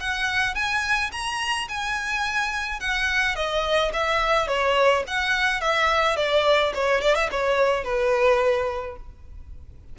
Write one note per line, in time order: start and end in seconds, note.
0.00 0.55 F#5
0.55 1.11 G#5
1.12 1.68 A#5
1.68 2.80 G#5
2.80 3.35 F#5
3.35 3.92 D#5
3.93 4.47 E5
4.47 5.03 C#5
5.07 5.61 F#5
5.61 6.16 E5
6.16 6.72 D5
6.74 7.01 C#5
7.01 7.15 D5
7.15 7.29 E5
7.31 7.84 C#5
7.84 8.96 B4